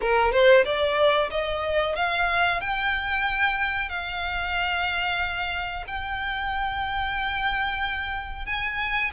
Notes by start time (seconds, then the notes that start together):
0.01 A#4
0.31 C5
0.65 D5
1.30 D#5
1.95 F5
2.61 G5
3.89 F5
5.87 G5
8.45 G#5